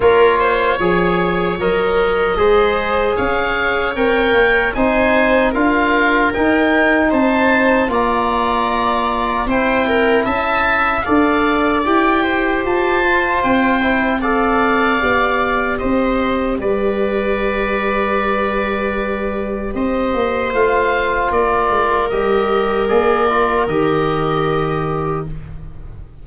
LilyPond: <<
  \new Staff \with { instrumentName = "oboe" } { \time 4/4 \tempo 4 = 76 cis''2 dis''2 | f''4 g''4 gis''4 f''4 | g''4 a''4 ais''2 | g''4 a''4 f''4 g''4 |
a''4 g''4 f''2 | dis''4 d''2.~ | d''4 dis''4 f''4 d''4 | dis''4 d''4 dis''2 | }
  \new Staff \with { instrumentName = "viola" } { \time 4/4 ais'8 c''8 cis''2 c''4 | cis''2 c''4 ais'4~ | ais'4 c''4 d''2 | c''8 ais'8 e''4 d''4. c''8~ |
c''2 d''2 | c''4 b'2.~ | b'4 c''2 ais'4~ | ais'1 | }
  \new Staff \with { instrumentName = "trombone" } { \time 4/4 f'4 gis'4 ais'4 gis'4~ | gis'4 ais'4 dis'4 f'4 | dis'2 f'2 | e'2 a'4 g'4~ |
g'8 f'4 e'8 a'4 g'4~ | g'1~ | g'2 f'2 | g'4 gis'8 f'8 g'2 | }
  \new Staff \with { instrumentName = "tuba" } { \time 4/4 ais4 f4 fis4 gis4 | cis'4 c'8 ais8 c'4 d'4 | dis'4 c'4 ais2 | c'4 cis'4 d'4 e'4 |
f'4 c'2 b4 | c'4 g2.~ | g4 c'8 ais8 a4 ais8 gis8 | g4 ais4 dis2 | }
>>